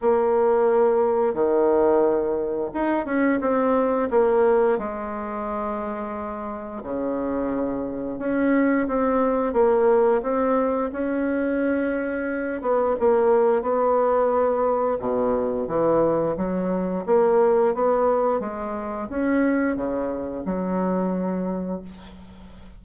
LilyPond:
\new Staff \with { instrumentName = "bassoon" } { \time 4/4 \tempo 4 = 88 ais2 dis2 | dis'8 cis'8 c'4 ais4 gis4~ | gis2 cis2 | cis'4 c'4 ais4 c'4 |
cis'2~ cis'8 b8 ais4 | b2 b,4 e4 | fis4 ais4 b4 gis4 | cis'4 cis4 fis2 | }